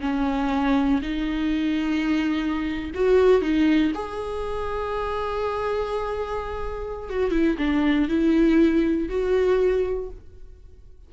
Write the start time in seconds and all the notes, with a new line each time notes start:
0.00 C#4
1.02 D#4
2.94 F#4
3.41 D#4
3.94 G#4
7.09 F#4
7.31 E4
7.57 D4
8.08 E4
9.09 F#4